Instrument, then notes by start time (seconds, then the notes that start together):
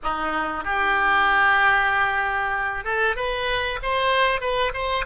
oboe
0.03 D#4
0.64 G4
2.84 A4
3.16 B4
3.82 C5
4.40 B4
4.73 C5